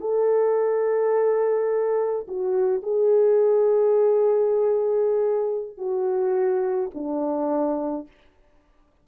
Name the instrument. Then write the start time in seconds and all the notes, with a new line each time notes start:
horn
0.00 A4
2.28 F#4
2.82 G#4
5.77 F#4
6.94 D4